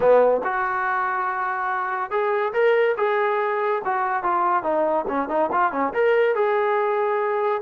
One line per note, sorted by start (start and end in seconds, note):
0.00 0.41 B3
0.44 2.10 F#4
2.10 2.53 G#4
2.53 2.95 A#4
2.97 3.81 G#4
3.85 4.23 F#4
4.23 4.63 F4
4.63 5.05 D#4
5.08 5.28 C#4
5.28 5.49 D#4
5.52 5.72 F4
5.72 5.93 C#4
5.93 6.35 A#4
6.35 7.62 G#4